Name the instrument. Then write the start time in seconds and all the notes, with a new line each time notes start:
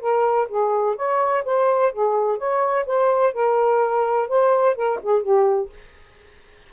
saxophone
0.00 A#4
0.48 G#4
0.96 C#5
1.45 C5
1.92 G#4
2.37 C#5
2.86 C5
3.33 A#4
4.28 C5
4.76 A#4
5.02 G#4
5.22 G4